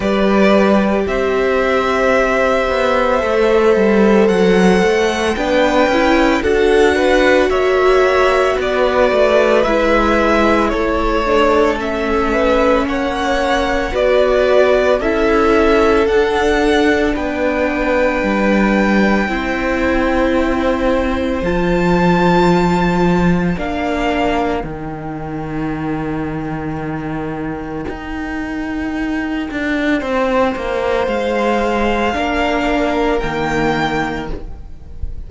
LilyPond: <<
  \new Staff \with { instrumentName = "violin" } { \time 4/4 \tempo 4 = 56 d''4 e''2. | fis''4 g''4 fis''4 e''4 | d''4 e''4 cis''4 e''4 | fis''4 d''4 e''4 fis''4 |
g''1 | a''2 f''4 g''4~ | g''1~ | g''4 f''2 g''4 | }
  \new Staff \with { instrumentName = "violin" } { \time 4/4 b'4 c''2.~ | c''4 b'4 a'8 b'8 cis''4 | b'2 a'4. b'8 | cis''4 b'4 a'2 |
b'2 c''2~ | c''2 ais'2~ | ais'1 | c''2 ais'2 | }
  \new Staff \with { instrumentName = "viola" } { \time 4/4 g'2. a'4~ | a'4 d'8 e'8 fis'2~ | fis'4 e'4. d'8 cis'4~ | cis'4 fis'4 e'4 d'4~ |
d'2 e'2 | f'2 d'4 dis'4~ | dis'1~ | dis'2 d'4 ais4 | }
  \new Staff \with { instrumentName = "cello" } { \time 4/4 g4 c'4. b8 a8 g8 | fis8 a8 b8 cis'8 d'4 ais4 | b8 a8 gis4 a2 | ais4 b4 cis'4 d'4 |
b4 g4 c'2 | f2 ais4 dis4~ | dis2 dis'4. d'8 | c'8 ais8 gis4 ais4 dis4 | }
>>